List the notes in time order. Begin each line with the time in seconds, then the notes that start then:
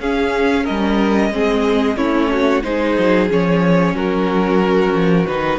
0.00 C#4 G#4 F5
0.64 G3 A#4 D#5
1.31 G#3 C4 G#4
1.97 A3 C#4 E4 C#5
2.32 F#4
2.63 G#3 D#4 G#4 C5
2.99 F#3
3.30 F3 C#4 C#5
3.94 F#3 F#4 A#4
4.93 F3
5.27 D#3 D#4 B4